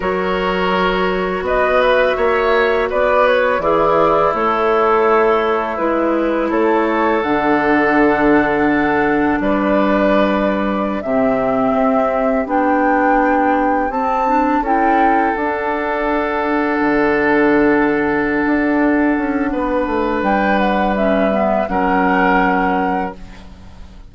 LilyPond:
<<
  \new Staff \with { instrumentName = "flute" } { \time 4/4 \tempo 4 = 83 cis''2 dis''8 e''4. | d''8 cis''8 d''4 cis''2 | b'4 cis''4 fis''2~ | fis''4 d''2~ d''16 e''8.~ |
e''4~ e''16 g''2 a''8.~ | a''16 g''4 fis''2~ fis''8.~ | fis''1 | g''8 fis''8 e''4 fis''2 | }
  \new Staff \with { instrumentName = "oboe" } { \time 4/4 ais'2 b'4 cis''4 | b'4 e'2.~ | e'4 a'2.~ | a'4 b'2~ b'16 g'8.~ |
g'1~ | g'16 a'2.~ a'8.~ | a'2. b'4~ | b'2 ais'2 | }
  \new Staff \with { instrumentName = "clarinet" } { \time 4/4 fis'1~ | fis'4 gis'4 a'2 | e'2 d'2~ | d'2.~ d'16 c'8.~ |
c'4~ c'16 d'2 c'8 d'16~ | d'16 e'4 d'2~ d'8.~ | d'1~ | d'4 cis'8 b8 cis'2 | }
  \new Staff \with { instrumentName = "bassoon" } { \time 4/4 fis2 b4 ais4 | b4 e4 a2 | gis4 a4 d2~ | d4 g2~ g16 c8.~ |
c16 c'4 b2 c'8.~ | c'16 cis'4 d'2 d8.~ | d4. d'4 cis'8 b8 a8 | g2 fis2 | }
>>